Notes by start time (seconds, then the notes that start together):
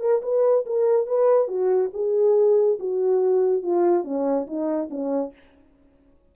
0.00 A#4
0.22 B4
0.65 A#4
1.06 B4
1.48 F#4
1.93 G#4
2.79 F#4
3.62 F4
4.04 C#4
4.47 D#4
4.90 C#4